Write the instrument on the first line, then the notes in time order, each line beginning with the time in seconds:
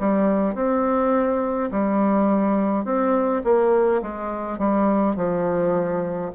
bassoon
0.00 G3
0.55 C4
1.72 G3
2.85 C4
3.44 A#3
4.02 G#3
4.59 G3
5.16 F3